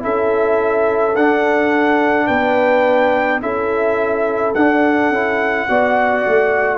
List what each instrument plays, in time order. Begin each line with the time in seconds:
0.00 tuba C#4, trombone E4, horn A4, trumpet E5
1.15 tuba D4, trombone D4, trumpet F#5
2.27 tuba B3, horn B4, trumpet G5
3.42 tuba C#4, trombone E4, horn A4, trumpet E5
4.55 tuba D4, trombone D4, trumpet F#5
5.10 tuba C#4, trombone E4
5.69 tuba B3, trombone F#4, horn D5
6.28 tuba A3